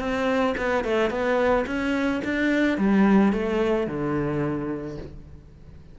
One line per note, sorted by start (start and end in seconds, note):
0.00 0.55 C4
0.58 0.85 B3
0.85 1.11 A3
1.11 1.66 B3
1.67 2.22 C#4
2.25 2.78 D4
2.78 3.33 G3
3.33 3.88 A3
3.88 4.98 D3